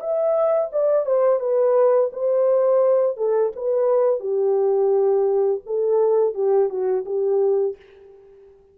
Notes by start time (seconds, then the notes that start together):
0.00 E5
0.73 D5
1.06 C5
1.40 B4
2.13 C5
3.17 A4
3.56 B4
4.20 G4
5.67 A4
6.35 G4
6.70 F#4
7.06 G4